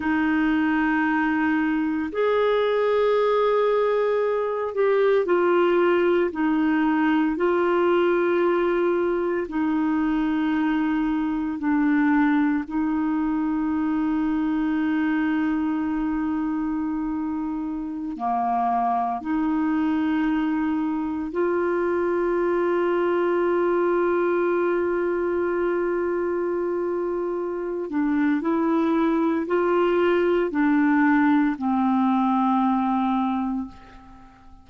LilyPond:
\new Staff \with { instrumentName = "clarinet" } { \time 4/4 \tempo 4 = 57 dis'2 gis'2~ | gis'8 g'8 f'4 dis'4 f'4~ | f'4 dis'2 d'4 | dis'1~ |
dis'4~ dis'16 ais4 dis'4.~ dis'16~ | dis'16 f'2.~ f'8.~ | f'2~ f'8 d'8 e'4 | f'4 d'4 c'2 | }